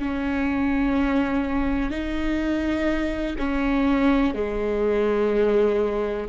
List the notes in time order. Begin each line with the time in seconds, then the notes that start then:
0.00 C#4
1.91 D#4
3.39 C#4
4.35 G#3